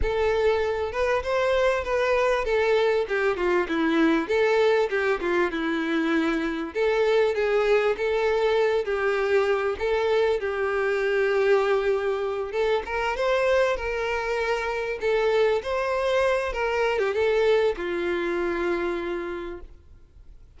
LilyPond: \new Staff \with { instrumentName = "violin" } { \time 4/4 \tempo 4 = 98 a'4. b'8 c''4 b'4 | a'4 g'8 f'8 e'4 a'4 | g'8 f'8 e'2 a'4 | gis'4 a'4. g'4. |
a'4 g'2.~ | g'8 a'8 ais'8 c''4 ais'4.~ | ais'8 a'4 c''4. ais'8. g'16 | a'4 f'2. | }